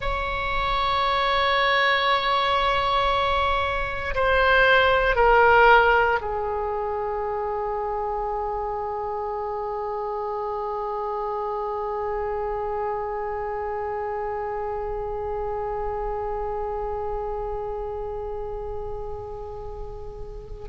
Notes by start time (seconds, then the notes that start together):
0.00 C#5
4.14 C5
5.15 A#4
6.21 G#4